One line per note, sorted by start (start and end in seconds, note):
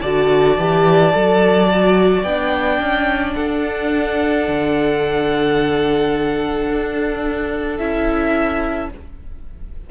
0.00 0.57 D3
0.00 0.58 F#4
0.00 3.33 D5
0.00 2.22 A5
0.57 1.12 E3
0.57 1.12 G4
1.12 2.23 F#3
1.12 1.68 A4
1.69 2.25 F#4
2.22 2.78 B3
2.22 7.78 D4
2.22 3.33 G5
2.79 3.35 C#4
3.34 4.47 D4
3.34 8.89 A4
3.34 7.78 F#5
4.47 6.69 D3
6.69 7.79 D4
7.78 8.90 C#4
7.78 8.89 E4
7.78 8.89 E5